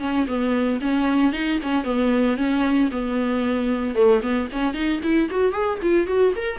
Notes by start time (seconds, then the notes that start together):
0.00 C#4
0.28 B3
0.81 C#4
1.33 D#4
1.63 C#4
1.84 B3
2.37 C#4
2.91 B3
3.95 A3
4.22 B3
4.53 C#4
4.74 D#4
5.03 E4
5.31 F#4
5.52 G#4
5.82 F4
6.07 F#4
6.36 A#4